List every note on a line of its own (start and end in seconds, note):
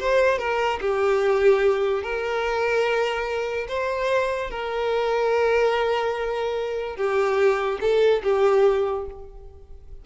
0.00 0.38 C5
0.38 0.80 A#4
0.81 2.03 G4
2.03 3.67 A#4
3.68 4.50 C5
4.50 6.97 A#4
6.97 7.79 G4
7.81 8.22 A4
8.23 9.06 G4